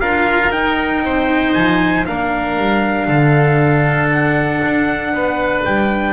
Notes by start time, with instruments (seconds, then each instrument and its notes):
0.00 double bass D4, cello F4, oboe A#4, trumpet F5
0.51 cello D#4, double bass D#4, trumpet G5
1.03 double bass C4, oboe C5
1.54 double bass F3, trumpet G#5
2.06 double bass A#3, cello D4, oboe A#4, trumpet F5
2.58 double bass G3
3.07 double bass D3, oboe A4
4.12 trumpet F#5
4.65 double bass D4
5.12 double bass B3, oboe B4
5.65 double bass G3, trumpet G5